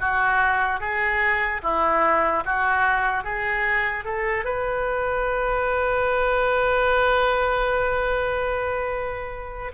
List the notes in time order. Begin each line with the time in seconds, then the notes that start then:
0.00 F#4
0.81 G#4
1.63 E4
2.45 F#4
3.24 G#4
4.05 A4
4.45 B4